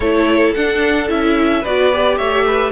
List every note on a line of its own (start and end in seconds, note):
0.00 0.54 A3
0.00 0.56 E4
0.00 1.60 A4
0.00 0.54 C#5
0.54 1.09 D4
0.54 1.08 D4
0.54 1.08 F#5
1.08 1.64 C#4
1.08 1.62 E4
1.08 1.64 E5
1.60 2.19 B3
1.60 1.92 F#4
1.60 2.15 B4
1.60 2.17 D5
1.92 2.72 G4
2.17 2.72 A3
2.17 2.44 C#5
2.17 2.72 E5
2.47 2.72 B4